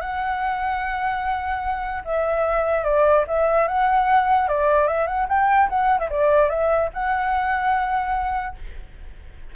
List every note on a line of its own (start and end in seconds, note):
0.00 2.03 F#5
2.04 2.84 E5
2.84 3.24 D5
3.27 3.67 E5
3.67 4.48 F#5
4.48 4.87 D5
4.87 5.06 E5
5.06 5.27 F#5
5.28 5.68 G5
5.69 5.99 F#5
5.99 6.09 E5
6.09 6.49 D5
6.49 6.90 E5
6.93 8.55 F#5